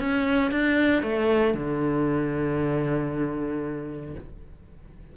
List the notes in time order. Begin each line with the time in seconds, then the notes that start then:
0.00 C#4
0.51 D4
1.03 A3
1.54 D3